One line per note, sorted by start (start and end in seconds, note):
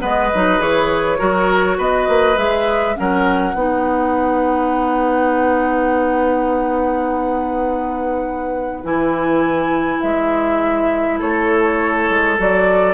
0.00 0.32 G#3
0.00 0.29 B3
0.00 1.18 B4
0.00 0.62 D#5
0.34 0.59 F#3
0.34 0.59 D#4
0.59 1.18 E3
0.59 1.18 G#4
0.59 1.80 C#5
1.18 1.78 F#3
1.18 2.35 F#4
1.18 1.77 A#4
1.78 2.08 B3
1.78 2.96 B4
1.78 2.38 D#5
2.08 2.37 A#3
2.36 2.96 G#3
2.36 2.95 G#4
2.36 2.96 E5
2.95 3.54 F#3
2.95 3.54 C#4
2.95 3.56 A#4
2.95 8.85 F#5
3.54 8.83 B3
3.54 8.84 D#4
3.54 11.19 B4
8.84 10.02 E3
8.84 12.37 E4
8.84 10.01 G#5
10.01 11.21 G#3
10.01 11.19 E5
11.19 12.09 A3
11.19 12.94 A4
11.19 12.38 C#5
12.09 12.39 G#3
12.37 12.94 F#3
12.37 12.94 F#4
12.37 12.94 D5